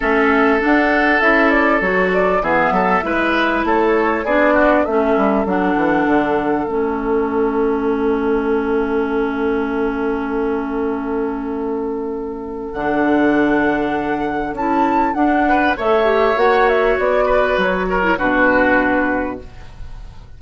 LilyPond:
<<
  \new Staff \with { instrumentName = "flute" } { \time 4/4 \tempo 4 = 99 e''4 fis''4 e''8 d''8 cis''8 d''8 | e''2 cis''4 d''4 | e''4 fis''2 e''4~ | e''1~ |
e''1~ | e''4 fis''2. | a''4 fis''4 e''4 fis''8 e''8 | d''4 cis''4 b'2 | }
  \new Staff \with { instrumentName = "oboe" } { \time 4/4 a'1 | gis'8 a'8 b'4 a'4 gis'8 fis'8 | a'1~ | a'1~ |
a'1~ | a'1~ | a'4. b'8 cis''2~ | cis''8 b'4 ais'8 fis'2 | }
  \new Staff \with { instrumentName = "clarinet" } { \time 4/4 cis'4 d'4 e'4 fis'4 | b4 e'2 d'4 | cis'4 d'2 cis'4~ | cis'1~ |
cis'1~ | cis'4 d'2. | e'4 d'4 a'8 g'8 fis'4~ | fis'4.~ fis'16 e'16 d'2 | }
  \new Staff \with { instrumentName = "bassoon" } { \time 4/4 a4 d'4 cis'4 fis4 | e8 fis8 gis4 a4 b4 | a8 g8 fis8 e8 d4 a4~ | a1~ |
a1~ | a4 d2. | cis'4 d'4 a4 ais4 | b4 fis4 b,2 | }
>>